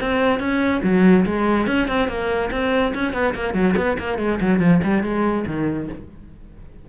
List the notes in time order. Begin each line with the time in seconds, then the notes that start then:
0.00 C4
0.39 C#4
0.83 F#3
1.25 G#3
1.66 C#4
1.87 C4
2.08 A#3
2.51 C4
2.94 C#4
3.13 B3
3.34 A#3
3.54 F#3
3.76 B3
3.98 A#3
4.18 G#3
4.40 F#3
4.59 F3
4.83 G3
5.03 G#3
5.46 D#3